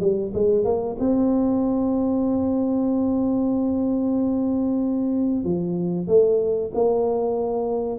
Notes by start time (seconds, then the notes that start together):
0.00 G3
0.34 G#3
0.64 A#3
0.99 C4
5.44 F3
6.07 A3
6.74 A#3